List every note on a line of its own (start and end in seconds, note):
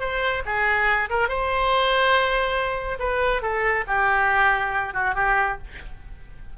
0.00 0.43 C5
0.45 1.09 G#4
1.10 1.28 A#4
1.28 2.98 C5
2.99 3.42 B4
3.42 3.85 A4
3.87 4.94 G4
4.94 5.15 F#4
5.15 5.57 G4